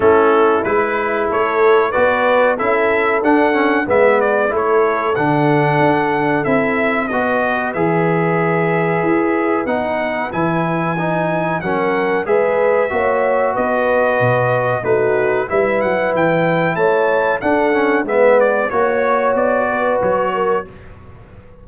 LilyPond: <<
  \new Staff \with { instrumentName = "trumpet" } { \time 4/4 \tempo 4 = 93 a'4 b'4 cis''4 d''4 | e''4 fis''4 e''8 d''8 cis''4 | fis''2 e''4 dis''4 | e''2. fis''4 |
gis''2 fis''4 e''4~ | e''4 dis''2 b'4 | e''8 fis''8 g''4 a''4 fis''4 | e''8 d''8 cis''4 d''4 cis''4 | }
  \new Staff \with { instrumentName = "horn" } { \time 4/4 e'2 a'4 b'4 | a'2 b'4 a'4~ | a'2. b'4~ | b'1~ |
b'2 ais'4 b'4 | cis''4 b'2 fis'4 | b'2 cis''4 a'4 | b'4 cis''4. b'4 ais'8 | }
  \new Staff \with { instrumentName = "trombone" } { \time 4/4 cis'4 e'2 fis'4 | e'4 d'8 cis'8 b4 e'4 | d'2 e'4 fis'4 | gis'2. dis'4 |
e'4 dis'4 cis'4 gis'4 | fis'2. dis'4 | e'2. d'8 cis'8 | b4 fis'2. | }
  \new Staff \with { instrumentName = "tuba" } { \time 4/4 a4 gis4 a4 b4 | cis'4 d'4 gis4 a4 | d4 d'4 c'4 b4 | e2 e'4 b4 |
e2 fis4 gis4 | ais4 b4 b,4 a4 | g8 fis8 e4 a4 d'4 | gis4 ais4 b4 fis4 | }
>>